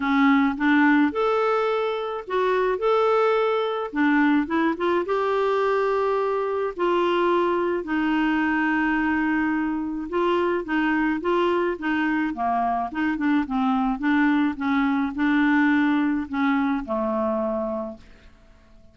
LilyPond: \new Staff \with { instrumentName = "clarinet" } { \time 4/4 \tempo 4 = 107 cis'4 d'4 a'2 | fis'4 a'2 d'4 | e'8 f'8 g'2. | f'2 dis'2~ |
dis'2 f'4 dis'4 | f'4 dis'4 ais4 dis'8 d'8 | c'4 d'4 cis'4 d'4~ | d'4 cis'4 a2 | }